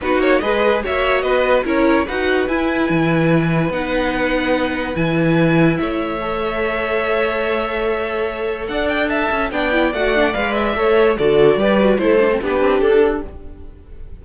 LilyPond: <<
  \new Staff \with { instrumentName = "violin" } { \time 4/4 \tempo 4 = 145 b'8 cis''8 dis''4 e''4 dis''4 | cis''4 fis''4 gis''2~ | gis''4 fis''2. | gis''2 e''2~ |
e''1~ | e''4 fis''8 g''8 a''4 g''4 | fis''4 f''8 e''4. d''4~ | d''4 c''4 b'4 a'4 | }
  \new Staff \with { instrumentName = "violin" } { \time 4/4 fis'4 b'4 cis''4 b'4 | ais'4 b'2.~ | b'1~ | b'2 cis''2~ |
cis''1~ | cis''4 d''4 e''4 d''4~ | d''2 cis''4 a'4 | b'4 a'4 g'2 | }
  \new Staff \with { instrumentName = "viola" } { \time 4/4 dis'4 gis'4 fis'2 | e'4 fis'4 e'2~ | e'4 dis'2. | e'2. a'4~ |
a'1~ | a'2. d'8 e'8 | fis'8 d'8 b'4 a'4 fis'4 | g'8 fis'8 e'8 d'16 c'16 d'2 | }
  \new Staff \with { instrumentName = "cello" } { \time 4/4 b8 ais8 gis4 ais4 b4 | cis'4 dis'4 e'4 e4~ | e4 b2. | e2 a2~ |
a1~ | a4 d'4. cis'8 b4 | a4 gis4 a4 d4 | g4 a4 b8 c'8 d'4 | }
>>